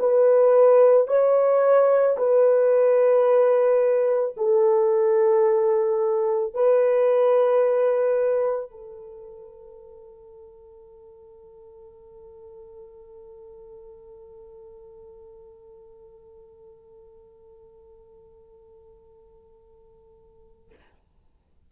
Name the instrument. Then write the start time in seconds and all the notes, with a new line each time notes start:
horn
0.00 B4
1.08 C#5
2.18 B4
4.37 A4
6.55 B4
8.71 A4